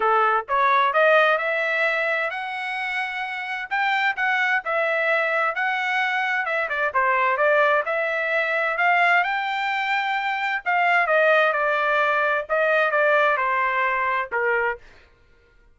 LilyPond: \new Staff \with { instrumentName = "trumpet" } { \time 4/4 \tempo 4 = 130 a'4 cis''4 dis''4 e''4~ | e''4 fis''2. | g''4 fis''4 e''2 | fis''2 e''8 d''8 c''4 |
d''4 e''2 f''4 | g''2. f''4 | dis''4 d''2 dis''4 | d''4 c''2 ais'4 | }